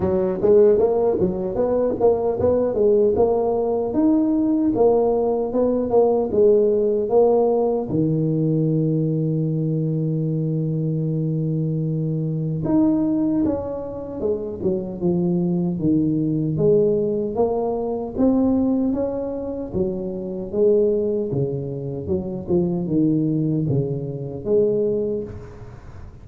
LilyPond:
\new Staff \with { instrumentName = "tuba" } { \time 4/4 \tempo 4 = 76 fis8 gis8 ais8 fis8 b8 ais8 b8 gis8 | ais4 dis'4 ais4 b8 ais8 | gis4 ais4 dis2~ | dis1 |
dis'4 cis'4 gis8 fis8 f4 | dis4 gis4 ais4 c'4 | cis'4 fis4 gis4 cis4 | fis8 f8 dis4 cis4 gis4 | }